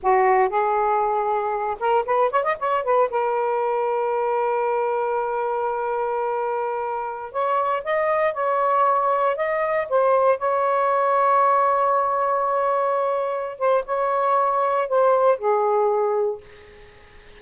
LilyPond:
\new Staff \with { instrumentName = "saxophone" } { \time 4/4 \tempo 4 = 117 fis'4 gis'2~ gis'8 ais'8 | b'8 cis''16 dis''16 cis''8 b'8 ais'2~ | ais'1~ | ais'2~ ais'16 cis''4 dis''8.~ |
dis''16 cis''2 dis''4 c''8.~ | c''16 cis''2.~ cis''8.~ | cis''2~ cis''8 c''8 cis''4~ | cis''4 c''4 gis'2 | }